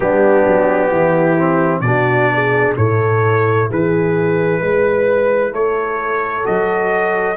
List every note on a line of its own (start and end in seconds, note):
0.00 0.46 G3
0.00 1.37 B3
0.00 0.90 D4
0.00 1.80 G4
0.47 0.90 F#3
0.90 1.81 E3
0.90 1.82 E4
1.37 1.83 C4
1.80 2.73 B2
1.80 2.77 D4
1.80 2.32 F#4
1.80 2.73 D5
2.33 2.77 G#4
2.76 3.69 A2
2.76 6.43 E4
2.76 3.69 A4
2.76 3.69 C#5
3.69 4.61 E3
3.69 4.61 G#4
3.69 5.54 B4
4.61 5.52 G#3
4.61 5.53 B4
5.52 6.44 A3
5.52 7.37 A4
5.52 6.45 C#5
6.43 7.37 F#3
6.43 7.36 F#4
6.43 7.37 D#5